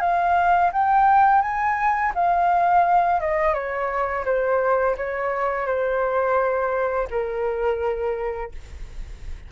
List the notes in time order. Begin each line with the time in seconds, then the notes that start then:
0.00 F5
0.72 G5
1.41 G#5
2.15 F5
3.20 D#5
3.54 C#5
4.25 C5
4.97 C#5
5.66 C5
7.10 A#4